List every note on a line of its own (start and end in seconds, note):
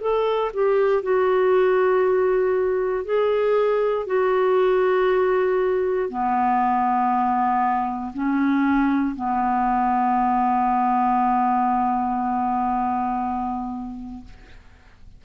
0.00 0.51 A4
0.53 1.02 G4
1.02 3.04 F#4
3.04 4.06 G#4
4.06 6.09 F#4
6.09 8.12 B3
8.13 9.15 C#4
9.15 14.24 B3